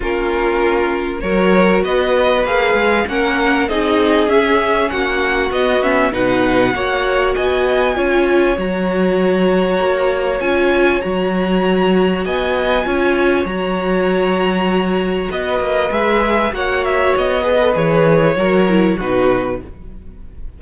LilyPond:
<<
  \new Staff \with { instrumentName = "violin" } { \time 4/4 \tempo 4 = 98 ais'2 cis''4 dis''4 | f''4 fis''4 dis''4 e''4 | fis''4 dis''8 e''8 fis''2 | gis''2 ais''2~ |
ais''4 gis''4 ais''2 | gis''2 ais''2~ | ais''4 dis''4 e''4 fis''8 e''8 | dis''4 cis''2 b'4 | }
  \new Staff \with { instrumentName = "violin" } { \time 4/4 f'2 ais'4 b'4~ | b'4 ais'4 gis'2 | fis'2 b'4 cis''4 | dis''4 cis''2.~ |
cis''1 | dis''4 cis''2.~ | cis''4 b'2 cis''4~ | cis''8 b'4. ais'4 fis'4 | }
  \new Staff \with { instrumentName = "viola" } { \time 4/4 cis'2 fis'2 | gis'4 cis'4 dis'4 cis'4~ | cis'4 b8 cis'8 dis'4 fis'4~ | fis'4 f'4 fis'2~ |
fis'4 f'4 fis'2~ | fis'4 f'4 fis'2~ | fis'2 gis'4 fis'4~ | fis'8 gis'16 a'16 gis'4 fis'8 e'8 dis'4 | }
  \new Staff \with { instrumentName = "cello" } { \time 4/4 ais2 fis4 b4 | ais8 gis8 ais4 c'4 cis'4 | ais4 b4 b,4 ais4 | b4 cis'4 fis2 |
ais4 cis'4 fis2 | b4 cis'4 fis2~ | fis4 b8 ais8 gis4 ais4 | b4 e4 fis4 b,4 | }
>>